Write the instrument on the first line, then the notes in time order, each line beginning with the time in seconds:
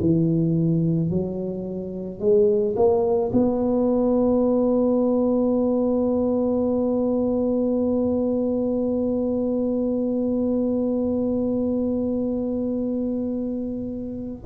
tuba
0.00 E3
1.10 F#3
2.19 G#3
2.76 A#3
3.32 B3